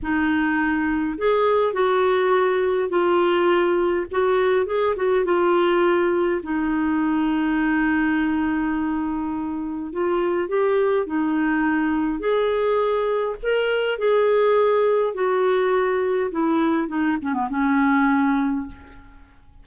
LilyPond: \new Staff \with { instrumentName = "clarinet" } { \time 4/4 \tempo 4 = 103 dis'2 gis'4 fis'4~ | fis'4 f'2 fis'4 | gis'8 fis'8 f'2 dis'4~ | dis'1~ |
dis'4 f'4 g'4 dis'4~ | dis'4 gis'2 ais'4 | gis'2 fis'2 | e'4 dis'8 cis'16 b16 cis'2 | }